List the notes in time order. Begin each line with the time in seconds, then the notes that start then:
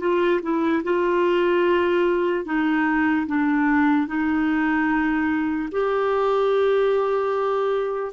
0.00 F4
0.42 E4
0.84 F4
2.45 D#4
3.27 D4
4.07 D#4
5.72 G4